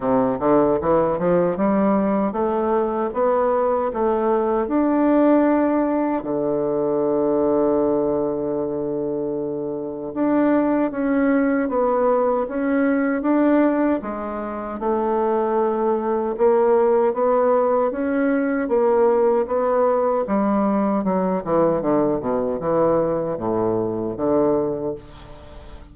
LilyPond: \new Staff \with { instrumentName = "bassoon" } { \time 4/4 \tempo 4 = 77 c8 d8 e8 f8 g4 a4 | b4 a4 d'2 | d1~ | d4 d'4 cis'4 b4 |
cis'4 d'4 gis4 a4~ | a4 ais4 b4 cis'4 | ais4 b4 g4 fis8 e8 | d8 b,8 e4 a,4 d4 | }